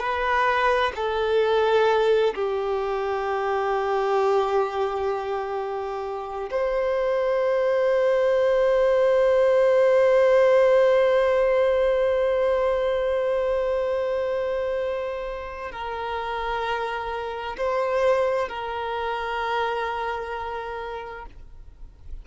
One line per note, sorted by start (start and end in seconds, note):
0.00 0.92 B4
0.96 2.34 A4
2.35 6.50 G4
6.51 15.72 C5
15.72 17.56 A#4
17.58 18.49 C5
18.49 21.26 A#4